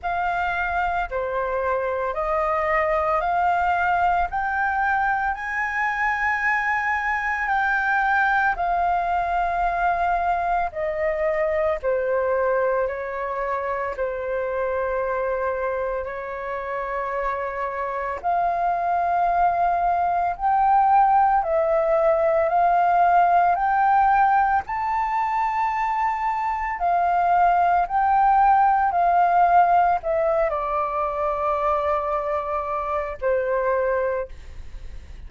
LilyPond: \new Staff \with { instrumentName = "flute" } { \time 4/4 \tempo 4 = 56 f''4 c''4 dis''4 f''4 | g''4 gis''2 g''4 | f''2 dis''4 c''4 | cis''4 c''2 cis''4~ |
cis''4 f''2 g''4 | e''4 f''4 g''4 a''4~ | a''4 f''4 g''4 f''4 | e''8 d''2~ d''8 c''4 | }